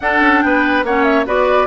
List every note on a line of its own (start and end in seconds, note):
0.00 0.20 D4
0.00 0.86 D4
0.00 0.44 A4
0.00 0.41 F#5
0.20 0.41 C#4
0.41 0.83 B3
0.41 0.85 B4
0.41 0.84 G5
0.83 1.26 A#3
0.83 1.25 C#4
0.83 1.26 C#5
0.83 1.04 F#5
1.04 1.25 E5
1.25 1.67 B3
1.25 1.67 F#4
1.25 1.67 B4
1.25 1.67 D5